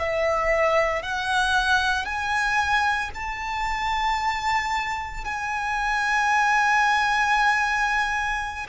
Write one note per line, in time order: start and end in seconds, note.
0.00 1.03 E5
1.03 2.06 F#5
2.06 3.11 G#5
3.15 5.25 A5
5.25 8.67 G#5